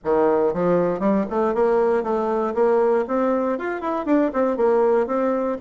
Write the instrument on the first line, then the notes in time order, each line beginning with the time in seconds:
bassoon
0.04 D#3
0.53 F3
0.99 G3
1.30 A3
1.54 A#3
2.03 A3
2.54 A#3
3.07 C4
3.58 F4
3.80 E4
4.05 D4
4.33 C4
4.56 A#3
5.06 C4